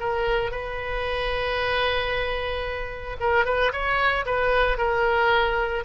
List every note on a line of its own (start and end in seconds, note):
0.00 0.52 A#4
0.52 3.17 B4
3.20 3.46 A#4
3.46 3.72 B4
3.73 4.26 C#5
4.26 4.78 B4
4.78 5.84 A#4